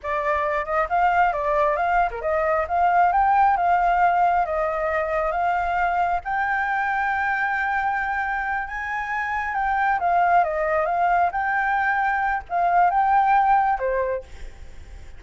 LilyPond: \new Staff \with { instrumentName = "flute" } { \time 4/4 \tempo 4 = 135 d''4. dis''8 f''4 d''4 | f''8. ais'16 dis''4 f''4 g''4 | f''2 dis''2 | f''2 g''2~ |
g''2.~ g''8 gis''8~ | gis''4. g''4 f''4 dis''8~ | dis''8 f''4 g''2~ g''8 | f''4 g''2 c''4 | }